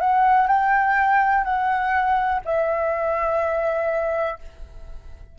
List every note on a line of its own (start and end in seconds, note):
0.00 0.47 F#5
0.47 1.44 G5
1.44 2.41 F#5
2.45 4.39 E5